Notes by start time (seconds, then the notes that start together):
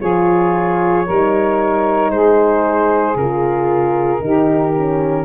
0.00 F3 F4 G#4 C#5
1.06 G3 D#4 A#4
2.10 G#3 G#4 C5
3.15 C#3 F4 A#4
4.20 D#3 D#4 G4
4.76 C#4